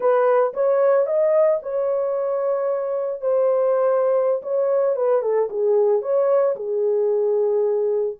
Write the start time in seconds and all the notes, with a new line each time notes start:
0.00 B4
0.53 C#5
1.06 D#5
1.62 C#5
3.21 C5
4.42 C#5
4.96 B4
5.22 A4
5.50 G#4
6.01 C#5
6.56 G#4